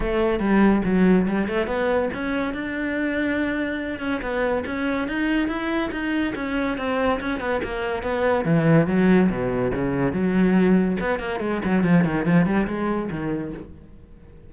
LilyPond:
\new Staff \with { instrumentName = "cello" } { \time 4/4 \tempo 4 = 142 a4 g4 fis4 g8 a8 | b4 cis'4 d'2~ | d'4. cis'8 b4 cis'4 | dis'4 e'4 dis'4 cis'4 |
c'4 cis'8 b8 ais4 b4 | e4 fis4 b,4 cis4 | fis2 b8 ais8 gis8 fis8 | f8 dis8 f8 g8 gis4 dis4 | }